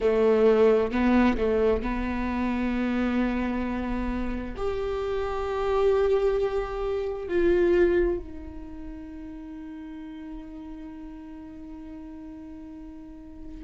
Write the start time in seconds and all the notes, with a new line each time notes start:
0.00 A3
0.91 B3
1.37 A3
1.82 B3
4.57 G4
7.28 F4
8.18 D#4